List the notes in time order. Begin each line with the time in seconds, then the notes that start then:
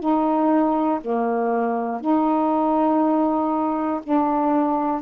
0.00 D#4
1.00 A#3
2.00 D#4
4.03 D4